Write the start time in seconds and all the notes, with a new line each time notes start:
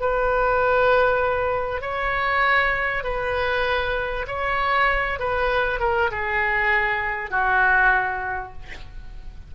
0.00 B4
1.81 C#5
3.03 B4
4.27 C#5
5.19 B4
5.80 A#4
6.11 G#4
7.30 F#4